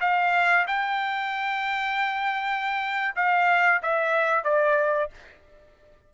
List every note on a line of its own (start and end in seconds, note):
0.00 0.66 F5
0.67 3.14 G5
3.16 3.82 F5
3.82 4.44 E5
4.44 5.10 D5